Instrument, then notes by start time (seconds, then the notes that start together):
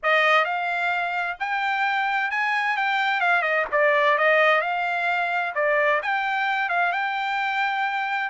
trumpet
0.02 D#5
0.44 F5
1.39 G5
2.31 G#5
2.77 G5
3.20 F5
3.42 D#5
3.71 D5
4.18 D#5
4.61 F5
5.54 D5
6.02 G5
6.69 F5
6.92 G5